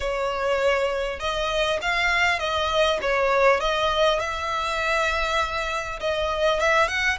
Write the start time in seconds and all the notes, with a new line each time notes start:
0.00 C#5
1.19 D#5
1.81 F5
2.39 D#5
3.01 C#5
3.60 D#5
4.19 E5
6.00 D#5
6.59 E5
6.88 F#5